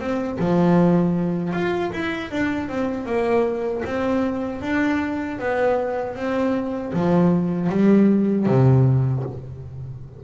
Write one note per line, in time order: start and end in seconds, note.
0.00 0.38 C4
0.40 1.53 F3
1.53 1.92 F4
1.93 2.31 E4
2.31 2.69 D4
2.69 3.06 C4
3.06 3.83 A#3
3.85 4.62 C4
4.62 5.39 D4
5.39 6.16 B3
6.16 6.93 C4
6.93 7.70 F3
7.70 8.47 G3
8.47 9.24 C3